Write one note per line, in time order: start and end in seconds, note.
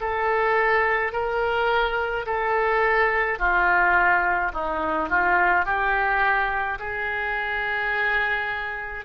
0.00 1.12 A4
1.12 2.25 A#4
2.26 3.39 A4
3.39 4.52 F4
4.53 5.09 D#4
5.09 5.65 F4
5.65 6.78 G4
6.79 9.05 G#4